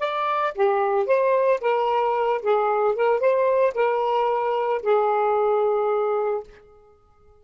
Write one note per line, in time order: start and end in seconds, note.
0.00 0.54 D5
0.55 1.07 G4
1.07 1.60 C5
1.61 2.42 A#4
2.43 2.96 G#4
2.96 3.20 A#4
3.20 3.74 C5
3.75 4.82 A#4
4.83 6.44 G#4